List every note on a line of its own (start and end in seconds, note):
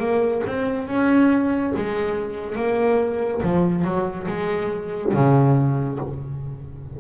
0.00 0.43 A#3
0.47 0.88 C4
0.88 1.73 C#4
1.76 2.56 G#3
2.56 3.42 A#3
3.43 3.85 F3
3.85 4.27 F#3
4.28 5.14 G#3
5.14 6.00 C#3